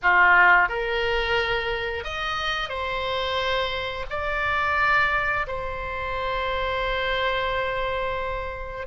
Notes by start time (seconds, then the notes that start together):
0.02 F4
0.68 A#4
2.04 D#5
2.69 C5
4.10 D5
5.47 C5